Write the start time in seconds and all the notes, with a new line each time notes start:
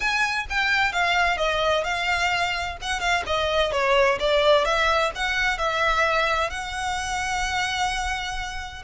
0.00 G#5
0.49 G5
0.92 F5
1.37 D#5
1.84 F5
2.81 F#5
2.99 F5
3.26 D#5
3.71 C#5
4.19 D5
4.64 E5
5.15 F#5
5.58 E5
6.50 F#5